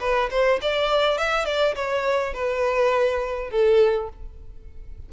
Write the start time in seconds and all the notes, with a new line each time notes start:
0.00 B4
0.30 C5
0.62 D5
1.18 E5
1.45 D5
1.75 C#5
2.34 B4
3.50 A4